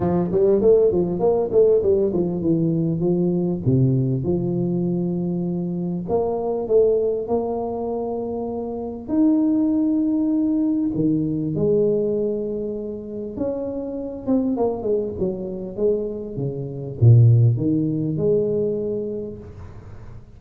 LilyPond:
\new Staff \with { instrumentName = "tuba" } { \time 4/4 \tempo 4 = 99 f8 g8 a8 f8 ais8 a8 g8 f8 | e4 f4 c4 f4~ | f2 ais4 a4 | ais2. dis'4~ |
dis'2 dis4 gis4~ | gis2 cis'4. c'8 | ais8 gis8 fis4 gis4 cis4 | ais,4 dis4 gis2 | }